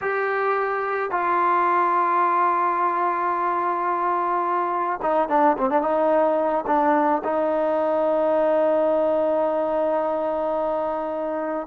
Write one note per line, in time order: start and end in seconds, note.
0.01 1.11 G4
1.11 4.99 F4
5.02 5.29 D#4
5.29 5.56 D4
5.58 5.69 C4
5.69 5.81 D4
5.81 6.64 D#4
6.66 7.22 D4
7.24 11.67 D#4